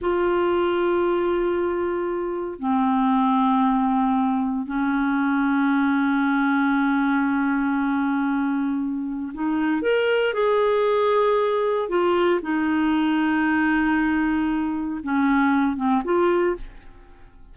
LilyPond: \new Staff \with { instrumentName = "clarinet" } { \time 4/4 \tempo 4 = 116 f'1~ | f'4 c'2.~ | c'4 cis'2.~ | cis'1~ |
cis'2 dis'4 ais'4 | gis'2. f'4 | dis'1~ | dis'4 cis'4. c'8 f'4 | }